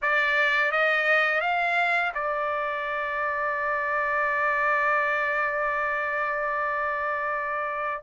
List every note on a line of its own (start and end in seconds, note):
0.02 0.71 D5
0.71 1.41 D#5
1.41 2.12 F5
2.14 8.03 D5